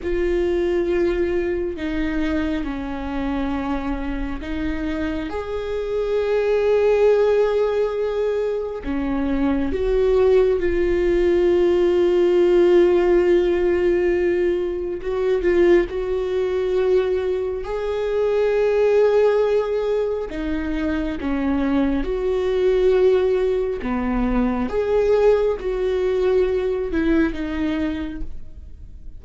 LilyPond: \new Staff \with { instrumentName = "viola" } { \time 4/4 \tempo 4 = 68 f'2 dis'4 cis'4~ | cis'4 dis'4 gis'2~ | gis'2 cis'4 fis'4 | f'1~ |
f'4 fis'8 f'8 fis'2 | gis'2. dis'4 | cis'4 fis'2 b4 | gis'4 fis'4. e'8 dis'4 | }